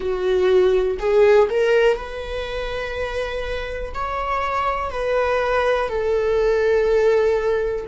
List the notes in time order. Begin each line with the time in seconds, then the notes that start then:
0.00 F#4
0.99 G#4
1.50 A#4
1.96 B4
3.93 C#5
4.90 B4
5.88 A4